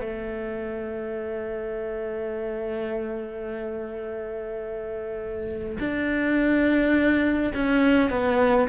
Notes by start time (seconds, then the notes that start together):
0.00 A3
5.80 D4
7.54 C#4
8.10 B3